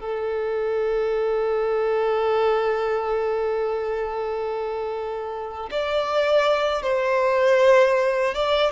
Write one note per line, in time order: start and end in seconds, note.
0.00 5.70 A4
5.71 6.83 D5
6.83 8.34 C5
8.34 8.71 D5